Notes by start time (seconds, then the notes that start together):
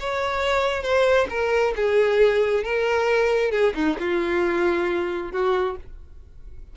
0.00 C#5
0.83 C5
1.29 A#4
1.76 G#4
2.63 A#4
3.51 G#4
3.74 D#4
3.99 F4
5.32 F#4